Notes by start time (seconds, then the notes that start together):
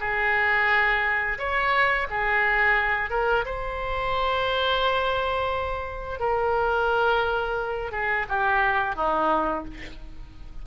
0.00 G#4
1.39 C#5
2.10 G#4
3.10 A#4
3.45 C5
6.20 A#4
7.92 G#4
8.29 G4
8.96 D#4